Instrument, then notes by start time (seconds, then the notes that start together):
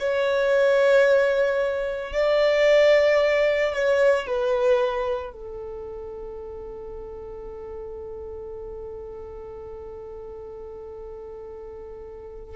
violin
0.00 C#5
2.13 D5
3.74 C#5
4.27 B4
5.33 A4